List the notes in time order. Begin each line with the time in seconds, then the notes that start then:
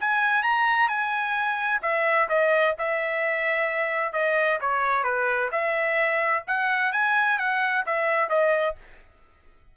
0.00 G#5
0.43 A#5
0.89 G#5
1.82 E5
2.29 D#5
2.79 E5
4.13 D#5
4.61 C#5
5.04 B4
5.52 E5
6.47 F#5
6.93 G#5
7.39 F#5
7.86 E5
8.30 D#5